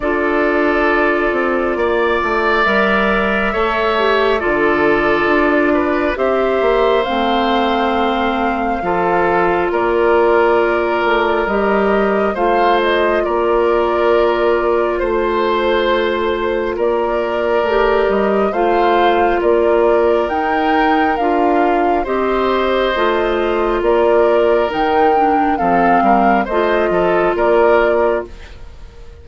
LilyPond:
<<
  \new Staff \with { instrumentName = "flute" } { \time 4/4 \tempo 4 = 68 d''2. e''4~ | e''4 d''2 e''4 | f''2. d''4~ | d''4 dis''4 f''8 dis''8 d''4~ |
d''4 c''2 d''4~ | d''8 dis''8 f''4 d''4 g''4 | f''4 dis''2 d''4 | g''4 f''4 dis''4 d''4 | }
  \new Staff \with { instrumentName = "oboe" } { \time 4/4 a'2 d''2 | cis''4 a'4. b'8 c''4~ | c''2 a'4 ais'4~ | ais'2 c''4 ais'4~ |
ais'4 c''2 ais'4~ | ais'4 c''4 ais'2~ | ais'4 c''2 ais'4~ | ais'4 a'8 ais'8 c''8 a'8 ais'4 | }
  \new Staff \with { instrumentName = "clarinet" } { \time 4/4 f'2. ais'4 | a'8 g'8 f'2 g'4 | c'2 f'2~ | f'4 g'4 f'2~ |
f'1 | g'4 f'2 dis'4 | f'4 g'4 f'2 | dis'8 d'8 c'4 f'2 | }
  \new Staff \with { instrumentName = "bassoon" } { \time 4/4 d'4. c'8 ais8 a8 g4 | a4 d4 d'4 c'8 ais8 | a2 f4 ais4~ | ais8 a8 g4 a4 ais4~ |
ais4 a2 ais4 | a8 g8 a4 ais4 dis'4 | d'4 c'4 a4 ais4 | dis4 f8 g8 a8 f8 ais4 | }
>>